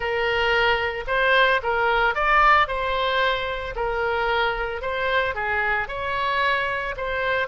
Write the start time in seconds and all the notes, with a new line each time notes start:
0.00 A#4
1.07 C5
1.62 A#4
2.15 D5
2.67 C5
3.75 A#4
4.81 C5
5.34 G#4
5.88 C#5
6.96 C5